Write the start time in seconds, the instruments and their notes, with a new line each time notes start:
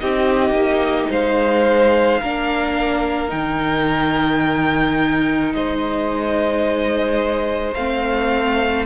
0.00 cello C4, viola D#4, violin G4 D#5
0.50 cello A#3
1.10 cello G#3, violin C5 F5
2.21 cello A#3, viola D4, violin A#4
3.28 cello D#3, viola D#4, violin G5
5.54 cello G#3, violin C5 D#5
7.74 cello A3, viola C4, violin F5